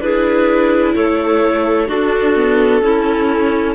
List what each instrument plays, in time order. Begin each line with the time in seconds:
0.00 cello D4, viola E4, clarinet G#4, violin B4
0.95 cello A3, clarinet A4, violin C#5
1.87 viola D4, cello D4, clarinet F#4, violin A4
2.35 viola B3
2.82 cello C#4, viola C#4, clarinet E4